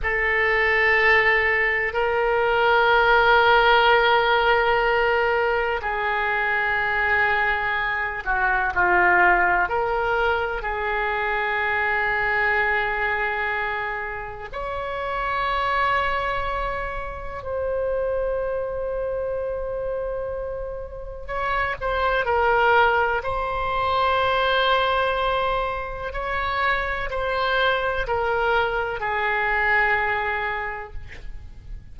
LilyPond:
\new Staff \with { instrumentName = "oboe" } { \time 4/4 \tempo 4 = 62 a'2 ais'2~ | ais'2 gis'2~ | gis'8 fis'8 f'4 ais'4 gis'4~ | gis'2. cis''4~ |
cis''2 c''2~ | c''2 cis''8 c''8 ais'4 | c''2. cis''4 | c''4 ais'4 gis'2 | }